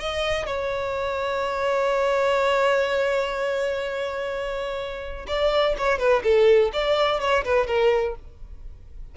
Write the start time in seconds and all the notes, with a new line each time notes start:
0.00 D#5
0.46 C#5
5.28 D5
5.78 C#5
5.99 B4
6.24 A4
6.74 D5
7.21 C#5
7.45 B4
7.68 A#4